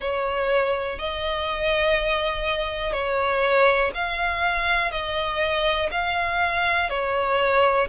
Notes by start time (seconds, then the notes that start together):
0.00 C#5
0.98 D#5
2.92 C#5
3.94 F5
4.91 D#5
5.91 F5
6.89 C#5